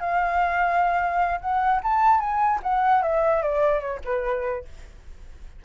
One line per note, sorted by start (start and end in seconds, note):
0.00 1.40 F5
1.41 1.81 F#5
1.83 2.20 A5
2.20 2.60 G#5
2.63 3.03 F#5
3.03 3.42 E5
3.42 3.80 D5
3.80 4.00 C#5
4.05 4.65 B4